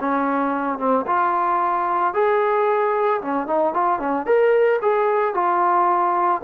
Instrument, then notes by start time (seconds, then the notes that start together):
trombone
0.00 C#4
0.78 C4
1.06 F4
2.14 G#4
3.21 C#4
3.47 D#4
3.74 F4
3.99 C#4
4.26 A#4
4.82 G#4
5.34 F4